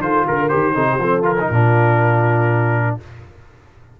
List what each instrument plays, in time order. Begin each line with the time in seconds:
0.00 tuba D#3, trombone F4, horn A4, trumpet C5
0.27 tuba D3, trumpet A#4, horn A#4
0.48 tuba D#3, trombone G4, trumpet C5
0.74 tuba C3, trombone D#4, horn A4
0.90 horn G4
0.97 tuba F3, trombone C4, horn A4
1.22 trombone F4, trumpet A#4
1.40 trombone D#4
1.47 tuba A#2, trombone D4, horn F4